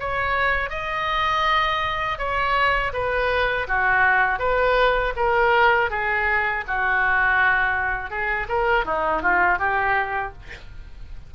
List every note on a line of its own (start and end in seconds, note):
0.00 0.70 C#5
0.70 2.18 D#5
2.18 2.92 C#5
2.93 3.67 B4
3.68 4.39 F#4
4.39 5.13 B4
5.16 5.90 A#4
5.90 6.64 G#4
6.67 8.10 F#4
8.10 8.47 G#4
8.48 8.85 A#4
8.85 9.22 D#4
9.22 9.59 F4
9.59 10.33 G4